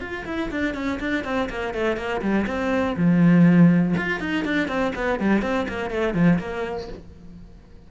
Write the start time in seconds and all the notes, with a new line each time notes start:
0.00 F4
0.25 E4
0.51 D4
0.74 C#4
1.00 D4
1.24 C4
1.49 A#3
1.73 A3
1.96 A#3
2.21 G3
2.47 C4
2.96 F3
3.97 F4
4.20 D#4
4.44 D4
4.67 C4
4.95 B3
5.20 G3
5.42 C4
5.68 A#3
5.90 A3
6.14 F3
6.38 A#3